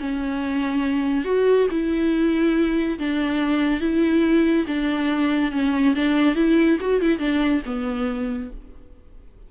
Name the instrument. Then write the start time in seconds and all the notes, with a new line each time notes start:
viola
0.00 C#4
1.25 F#4
1.71 E4
2.99 D4
3.81 E4
4.68 D4
5.52 C#4
5.95 D4
6.36 E4
6.81 F#4
7.02 E4
7.19 D4
7.66 B3